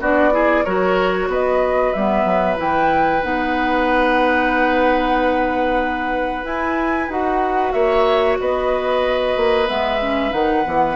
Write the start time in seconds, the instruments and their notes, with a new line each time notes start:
0.00 bassoon B3, clarinet D4, oboe F#4, flute D5
0.32 clarinet E4, oboe G#4
0.64 bassoon F#3, clarinet F#4, oboe A#4, flute C#5
1.28 bassoon B3, oboe B4, flute D#5
1.93 bassoon G3, clarinet B3, flute E5
2.24 bassoon F#3
2.56 bassoon E3, clarinet E4, flute G5
3.22 bassoon B3, clarinet D#4, flute F#5
6.44 clarinet E4, bassoon E4, flute G#5
7.08 bassoon D#4, clarinet F#4, flute F#5
7.72 bassoon A#3, oboe C#5, flute E5
8.40 bassoon B3, oboe B4, flute D#5
9.36 bassoon A#3
9.66 bassoon G#3, clarinet B3, flute E5
10.01 clarinet C#4
10.30 bassoon D#3, clarinet D#4, flute F#5
10.64 bassoon E3, clarinet B3